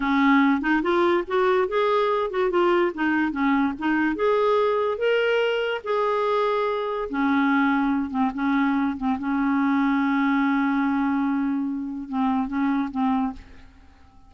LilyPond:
\new Staff \with { instrumentName = "clarinet" } { \time 4/4 \tempo 4 = 144 cis'4. dis'8 f'4 fis'4 | gis'4. fis'8 f'4 dis'4 | cis'4 dis'4 gis'2 | ais'2 gis'2~ |
gis'4 cis'2~ cis'8 c'8 | cis'4. c'8 cis'2~ | cis'1~ | cis'4 c'4 cis'4 c'4 | }